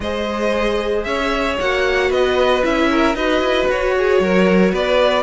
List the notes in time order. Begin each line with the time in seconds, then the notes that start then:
0.00 G#3 G#4 C5 D#5
1.03 C#4 C#5 E5
1.60 A#3 F#4 F#5
2.09 B3 B4 D#5
2.63 C#4 E4 E5
2.90 A#4
3.14 D#4 F#4 B4 D#5
3.40 E4
3.68 F#4 C#5
3.98 G#4
4.19 F#3 A#4
4.71 B3 B4 D5